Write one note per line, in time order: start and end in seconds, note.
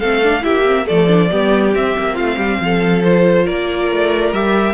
0.00 0.45 A3
0.00 0.23 C4
0.00 0.43 A4
0.00 0.44 F5
0.23 0.41 D4
0.41 0.89 A#3
0.41 0.63 E4
0.41 0.87 G4
0.41 0.87 E5
0.66 0.87 C4
0.87 1.32 F3
0.87 1.08 A3
0.87 1.30 A4
0.87 1.74 D5
1.08 1.29 D4
1.31 1.75 G3
1.31 1.74 B3
1.31 2.15 G4
1.74 3.03 C4
1.74 1.97 C4
1.74 2.16 E5
1.99 2.20 A#3
2.15 2.37 A3
2.15 2.36 F4
2.15 3.02 F5
2.37 2.59 G3
2.37 2.59 G4
2.61 3.47 F3
2.61 3.45 A4
3.04 4.35 F4
3.04 3.47 C5
3.45 3.91 A#3
3.45 4.74 A#4
3.45 4.34 D5
3.91 4.33 A3
4.33 4.74 G3
4.33 4.74 G4
4.33 4.74 E5